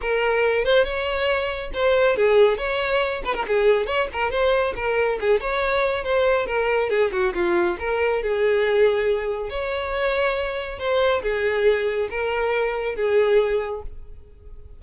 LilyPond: \new Staff \with { instrumentName = "violin" } { \time 4/4 \tempo 4 = 139 ais'4. c''8 cis''2 | c''4 gis'4 cis''4. b'16 ais'16 | gis'4 cis''8 ais'8 c''4 ais'4 | gis'8 cis''4. c''4 ais'4 |
gis'8 fis'8 f'4 ais'4 gis'4~ | gis'2 cis''2~ | cis''4 c''4 gis'2 | ais'2 gis'2 | }